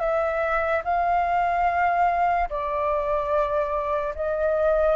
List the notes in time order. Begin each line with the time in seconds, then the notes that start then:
0.00 E5
0.84 F5
2.50 D5
4.15 D#5